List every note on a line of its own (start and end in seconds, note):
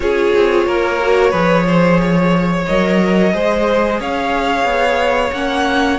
0.00 0.32 C#4
0.00 1.00 F4
0.00 0.66 G#4
0.00 2.65 C#5
0.35 0.65 C4
0.65 1.32 A#3
0.65 1.30 A#4
1.02 1.32 F#4
1.30 2.66 F3
1.30 2.66 G#4
1.30 1.63 B4
1.67 2.01 C5
2.02 3.33 C#5
2.66 3.33 F#3
2.66 3.33 A#4
2.66 3.99 D#5
3.33 4.00 G#3
3.33 5.33 G#4
3.33 4.00 C5
4.00 4.64 C#4
4.00 5.98 C#5
4.00 5.32 F5
4.64 5.31 B3
5.32 5.98 A#3
5.32 5.98 C#4
5.32 5.98 F#5